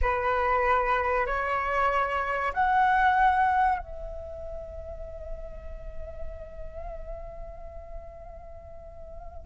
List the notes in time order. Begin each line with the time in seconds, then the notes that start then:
0.01 B4
1.26 C#5
2.53 F#5
3.78 E5